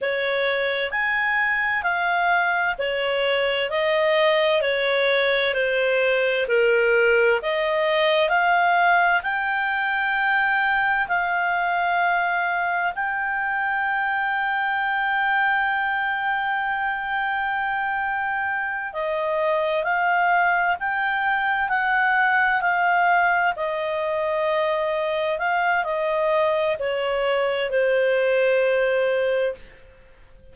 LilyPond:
\new Staff \with { instrumentName = "clarinet" } { \time 4/4 \tempo 4 = 65 cis''4 gis''4 f''4 cis''4 | dis''4 cis''4 c''4 ais'4 | dis''4 f''4 g''2 | f''2 g''2~ |
g''1~ | g''8 dis''4 f''4 g''4 fis''8~ | fis''8 f''4 dis''2 f''8 | dis''4 cis''4 c''2 | }